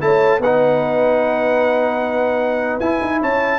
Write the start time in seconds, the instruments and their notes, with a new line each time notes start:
0.00 tuba A3, trombone E4, horn C#5, trumpet A5
0.39 tuba B3, trombone D#4, horn B4, trumpet F#5
2.80 tuba E4, trombone E4, trumpet G#5
3.01 tuba D#4
3.20 tuba C#4, horn C#5, trumpet A5